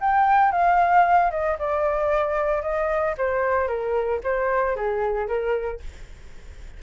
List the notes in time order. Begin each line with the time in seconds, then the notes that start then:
0.00 G5
0.51 F5
1.30 D#5
1.59 D5
2.62 D#5
3.17 C5
3.67 A#4
4.23 C5
4.76 G#4
5.27 A#4